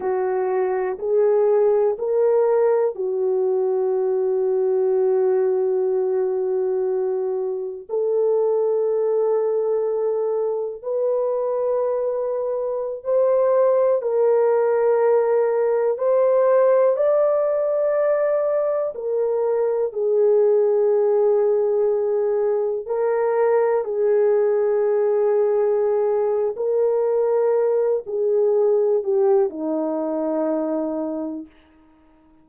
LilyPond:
\new Staff \with { instrumentName = "horn" } { \time 4/4 \tempo 4 = 61 fis'4 gis'4 ais'4 fis'4~ | fis'1 | a'2. b'4~ | b'4~ b'16 c''4 ais'4.~ ais'16~ |
ais'16 c''4 d''2 ais'8.~ | ais'16 gis'2. ais'8.~ | ais'16 gis'2~ gis'8. ais'4~ | ais'8 gis'4 g'8 dis'2 | }